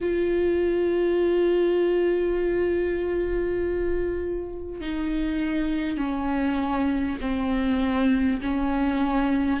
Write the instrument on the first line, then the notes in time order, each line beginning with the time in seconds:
viola
0.01 F4
4.81 D#4
5.97 C#4
7.20 C4
8.41 C#4